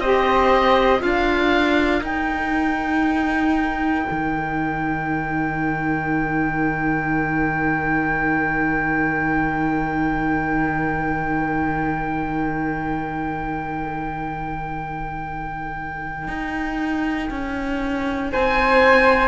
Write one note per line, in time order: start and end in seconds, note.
0.00 1.02 C4
0.00 0.98 G4
0.00 1.01 C5
0.00 1.02 D#5
0.98 2.01 D4
0.98 2.00 F4
0.98 18.30 A#4
0.98 2.04 F5
2.01 4.05 D#4
2.01 19.28 D#4
2.01 18.32 G5
4.11 16.28 D#3
16.28 17.29 D#4
17.30 18.32 C#4
18.32 19.28 C4
18.32 19.28 C5
18.32 19.28 G#5